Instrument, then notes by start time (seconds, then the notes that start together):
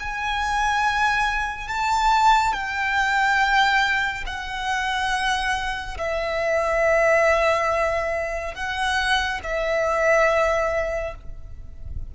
violin
0.00 G#5
1.68 A5
2.53 G5
4.26 F#5
5.98 E5
8.55 F#5
9.43 E5